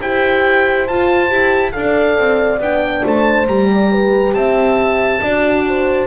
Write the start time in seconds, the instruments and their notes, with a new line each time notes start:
0.00 double bass E4, horn G4 C5, oboe G5
0.87 double bass F4, horn F4, oboe A5
1.28 double bass E4, horn G4
1.72 double bass D4, horn A4 D5, oboe F5
2.18 double bass C4
2.60 double bass B3, horn D4, oboe G5
3.04 double bass A3, horn C5, oboe A5
3.47 double bass G3, horn G4, oboe A#5
3.72 horn D5
3.92 horn B4
4.33 double bass C4, horn E5, oboe A5
5.21 double bass D4, horn F#4 D5
5.67 horn C5